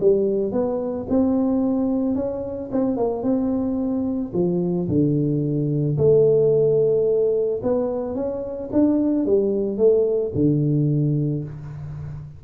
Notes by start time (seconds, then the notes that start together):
0.00 G3
0.52 B3
1.09 C4
2.15 C#4
2.72 C4
2.96 A#3
3.23 C4
4.33 F3
4.88 D3
5.97 A3
7.62 B3
8.15 C#4
8.72 D4
9.25 G3
9.77 A3
10.34 D3